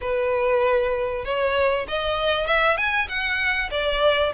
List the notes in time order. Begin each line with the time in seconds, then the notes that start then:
0.01 B4
1.24 C#5
1.88 D#5
2.46 E5
2.77 G#5
3.08 F#5
3.71 D5